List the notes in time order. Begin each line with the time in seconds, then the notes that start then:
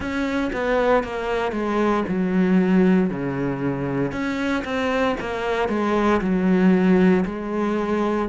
0.00 C#4
0.53 B3
1.03 A#3
1.52 G#3
2.08 F#3
3.10 C#3
4.11 C#4
4.64 C4
5.20 A#3
5.68 G#3
6.21 F#3
7.25 G#3